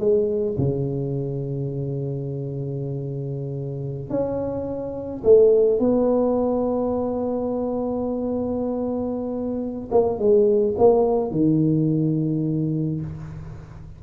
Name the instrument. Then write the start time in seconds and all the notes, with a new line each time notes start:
tuba
0.00 G#3
0.58 C#3
4.10 C#4
5.24 A3
5.80 B3
9.92 A#3
10.19 G#3
10.78 A#3
11.32 D#3